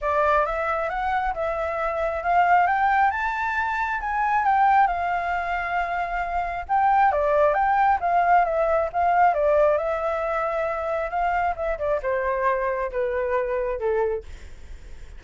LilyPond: \new Staff \with { instrumentName = "flute" } { \time 4/4 \tempo 4 = 135 d''4 e''4 fis''4 e''4~ | e''4 f''4 g''4 a''4~ | a''4 gis''4 g''4 f''4~ | f''2. g''4 |
d''4 g''4 f''4 e''4 | f''4 d''4 e''2~ | e''4 f''4 e''8 d''8 c''4~ | c''4 b'2 a'4 | }